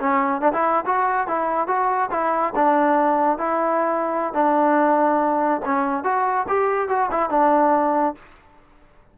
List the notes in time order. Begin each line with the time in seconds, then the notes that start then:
0.00 C#4
0.42 D4
0.53 E4
0.86 F#4
1.28 E4
1.68 F#4
2.12 E4
2.56 D4
3.39 E4
4.34 D4
5.65 C#4
6.04 F#4
6.49 G4
6.89 F#4
7.11 E4
7.30 D4